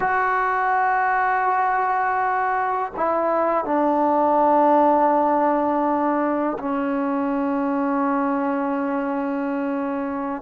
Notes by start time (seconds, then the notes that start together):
0.00 F#4
2.96 E4
3.64 D4
6.59 C#4